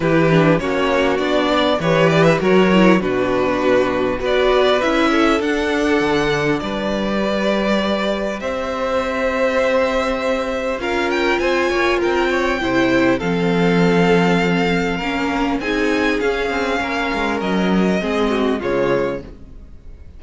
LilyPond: <<
  \new Staff \with { instrumentName = "violin" } { \time 4/4 \tempo 4 = 100 b'4 cis''4 d''4 cis''8 d''16 e''16 | cis''4 b'2 d''4 | e''4 fis''2 d''4~ | d''2 e''2~ |
e''2 f''8 g''8 gis''4 | g''2 f''2~ | f''2 gis''4 f''4~ | f''4 dis''2 cis''4 | }
  \new Staff \with { instrumentName = "violin" } { \time 4/4 g'4 fis'4. d''8 b'4 | ais'4 fis'2 b'4~ | b'8 a'2~ a'8 b'4~ | b'2 c''2~ |
c''2 ais'4 c''8 cis''8 | ais'8 cis''8 c''4 a'2~ | a'4 ais'4 gis'2 | ais'2 gis'8 fis'8 f'4 | }
  \new Staff \with { instrumentName = "viola" } { \time 4/4 e'8 d'8 cis'4 d'4 g'4 | fis'8 e'8 d'2 fis'4 | e'4 d'2. | g'1~ |
g'2 f'2~ | f'4 e'4 c'2~ | c'4 cis'4 dis'4 cis'4~ | cis'2 c'4 gis4 | }
  \new Staff \with { instrumentName = "cello" } { \time 4/4 e4 ais4 b4 e4 | fis4 b,2 b4 | cis'4 d'4 d4 g4~ | g2 c'2~ |
c'2 cis'4 c'8 ais8 | c'4 c4 f2~ | f4 ais4 c'4 cis'8 c'8 | ais8 gis8 fis4 gis4 cis4 | }
>>